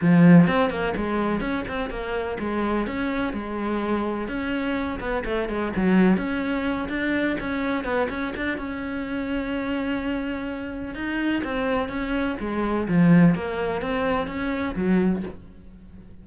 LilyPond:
\new Staff \with { instrumentName = "cello" } { \time 4/4 \tempo 4 = 126 f4 c'8 ais8 gis4 cis'8 c'8 | ais4 gis4 cis'4 gis4~ | gis4 cis'4. b8 a8 gis8 | fis4 cis'4. d'4 cis'8~ |
cis'8 b8 cis'8 d'8 cis'2~ | cis'2. dis'4 | c'4 cis'4 gis4 f4 | ais4 c'4 cis'4 fis4 | }